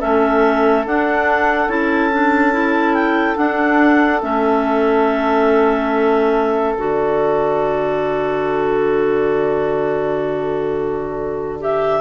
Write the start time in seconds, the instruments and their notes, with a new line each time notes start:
0.00 bassoon A3, clarinet C#4 E5, oboe A4
0.86 bassoon D4, clarinet D4 F#5
1.67 bassoon C#4, clarinet E4 A5
2.12 clarinet D4
2.53 clarinet E4
2.94 clarinet G5
3.35 clarinet D4 F#5, bassoon D4
4.22 bassoon A3, clarinet C#4 E5
6.74 bassoon D3, clarinet F#4 D5
11.60 clarinet G4 E5